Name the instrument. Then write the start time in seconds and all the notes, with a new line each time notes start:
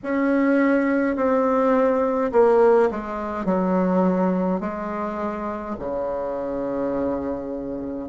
bassoon
0.03 C#4
1.15 C4
2.31 A#3
2.91 G#3
3.45 F#3
4.60 G#3
5.79 C#3